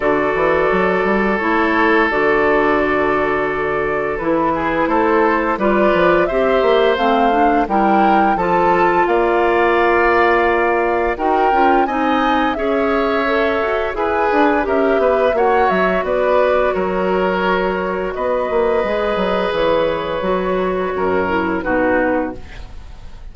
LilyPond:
<<
  \new Staff \with { instrumentName = "flute" } { \time 4/4 \tempo 4 = 86 d''2 cis''4 d''4~ | d''2 b'4 c''4 | d''4 e''4 f''4 g''4 | a''4 f''2. |
g''4 gis''4 e''2 | gis''4 e''4 fis''8 e''8 d''4 | cis''2 dis''2 | cis''2. b'4 | }
  \new Staff \with { instrumentName = "oboe" } { \time 4/4 a'1~ | a'2~ a'8 gis'8 a'4 | b'4 c''2 ais'4 | a'4 d''2. |
ais'4 dis''4 cis''2 | b'4 ais'8 b'8 cis''4 b'4 | ais'2 b'2~ | b'2 ais'4 fis'4 | }
  \new Staff \with { instrumentName = "clarinet" } { \time 4/4 fis'2 e'4 fis'4~ | fis'2 e'2 | f'4 g'4 c'8 d'8 e'4 | f'1 |
fis'8 f'8 dis'4 gis'4 a'4 | gis'4 g'4 fis'2~ | fis'2. gis'4~ | gis'4 fis'4. e'8 dis'4 | }
  \new Staff \with { instrumentName = "bassoon" } { \time 4/4 d8 e8 fis8 g8 a4 d4~ | d2 e4 a4 | g8 f8 c'8 ais8 a4 g4 | f4 ais2. |
dis'8 cis'8 c'4 cis'4. fis'8 | e'8 d'8 cis'8 b8 ais8 fis8 b4 | fis2 b8 ais8 gis8 fis8 | e4 fis4 fis,4 b,4 | }
>>